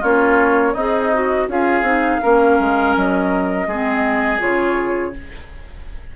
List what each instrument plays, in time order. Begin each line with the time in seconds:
0.00 bassoon A#3, clarinet C#4, oboe F4, flute C#5
0.73 bassoon C4, oboe D#4, clarinet G#4, flute D#5
1.13 clarinet F#4
1.47 bassoon C#4, clarinet F4, oboe G#4, flute F5
1.81 bassoon C4, clarinet D#4
2.21 bassoon A#3, clarinet C#4, oboe A#4
2.59 bassoon G#3
2.96 bassoon F#3, flute D#5
3.66 bassoon G#3, clarinet C4, oboe G#4
4.38 bassoon C#3, clarinet F4, flute C#5